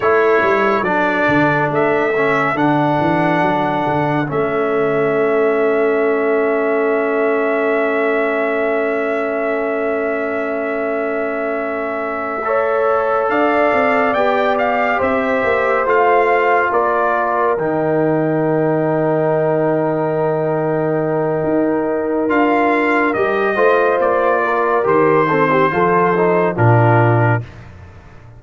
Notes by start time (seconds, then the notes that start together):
0.00 A3 E4 A4 C#5
0.42 G3
0.82 F#3 D4 D5
1.28 D3
1.69 A3 E5
2.16 C#4
2.54 D3 D4 F#5
3.00 E3
3.41 F#3
3.87 D3
4.27 A3 C#4 E5
12.44 A4 C#5
13.29 D4 D5 F5
13.72 C4
14.13 B3 G4 G5
14.58 F5
14.98 C4 C5 E5
15.43 A#3
15.85 A3 F4 F5
16.71 A#3 A#4 D5
17.57 D#3 D#4 G5
21.43 D#4
22.28 D4 F4 F5
23.13 G3 G4 D#5
23.55 A3 F4 C5
23.99 A#3 D5
24.44 A#4
24.83 D#3 G4 C5
25.28 C4 A4
25.50 G4
25.71 F3 F4 A4
26.16 D#4
26.55 A#2 D4 F4 A#4